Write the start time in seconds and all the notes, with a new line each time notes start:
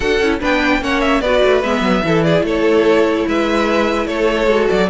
0.00 D4 F#4 A4 F#5
0.20 C#4 E4
0.40 B3 D4 B4 G5
0.81 A#3 C#4 C#5 F#5
1.01 E5
1.20 B3 F#4 B4 D5
1.43 A3
1.63 G#3 B3 E5
1.80 F#3
2.03 E3 E4 A4
2.23 G#4 D5
2.42 A3 A4 C#5
3.27 G#3 B4 E5
4.06 A3 A4 C#5
4.47 G#3 F#4
4.69 F#3 D5